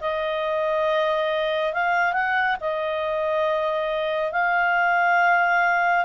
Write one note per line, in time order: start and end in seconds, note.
0.00 1.73 D#5
1.73 2.13 F5
2.13 2.56 F#5
2.60 4.32 D#5
4.32 6.05 F5